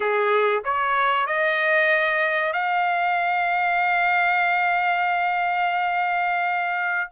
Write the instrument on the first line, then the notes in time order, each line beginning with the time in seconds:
trumpet
0.00 G#4
0.64 C#5
1.26 D#5
2.52 F5